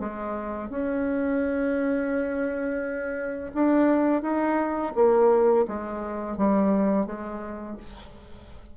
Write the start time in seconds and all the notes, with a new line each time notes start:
0.00 G#3
0.70 C#4
3.55 D4
4.23 D#4
4.96 A#3
5.68 G#3
6.38 G3
7.07 G#3